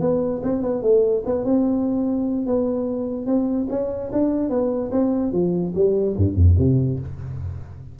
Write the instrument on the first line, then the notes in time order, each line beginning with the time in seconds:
tuba
0.00 B3
0.43 C4
0.62 B3
0.82 A3
1.26 B3
1.44 C4
2.46 B3
3.26 C4
3.70 C#4
4.12 D4
4.49 B3
4.91 C4
5.32 F3
5.75 G3
6.16 G2
6.35 F2
6.58 C3